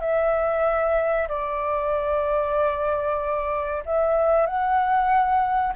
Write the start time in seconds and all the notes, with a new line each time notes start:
0.00 E5
1.28 D5
3.85 E5
4.46 F#5